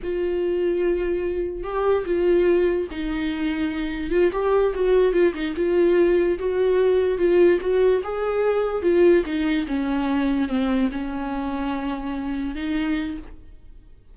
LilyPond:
\new Staff \with { instrumentName = "viola" } { \time 4/4 \tempo 4 = 146 f'1 | g'4 f'2 dis'4~ | dis'2 f'8 g'4 fis'8~ | fis'8 f'8 dis'8 f'2 fis'8~ |
fis'4. f'4 fis'4 gis'8~ | gis'4. f'4 dis'4 cis'8~ | cis'4. c'4 cis'4.~ | cis'2~ cis'8 dis'4. | }